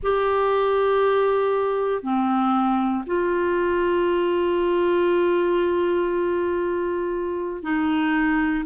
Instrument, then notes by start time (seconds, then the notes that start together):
clarinet
0.02 G4
2.02 C4
3.06 F4
7.63 D#4